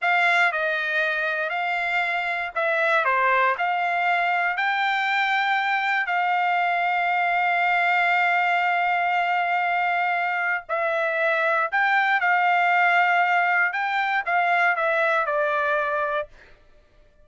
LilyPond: \new Staff \with { instrumentName = "trumpet" } { \time 4/4 \tempo 4 = 118 f''4 dis''2 f''4~ | f''4 e''4 c''4 f''4~ | f''4 g''2. | f''1~ |
f''1~ | f''4 e''2 g''4 | f''2. g''4 | f''4 e''4 d''2 | }